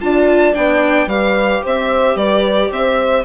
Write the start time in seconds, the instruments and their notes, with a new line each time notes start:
0.00 bassoon D4, viola F4, horn D5, violin A5
0.53 bassoon B3, viola D4, violin G5
1.06 bassoon G3, viola G4, horn B4, violin F5
1.62 bassoon C4, horn C5, violin E5
2.15 bassoon G3, horn B4, violin D5
2.71 bassoon C4, horn C5, violin E5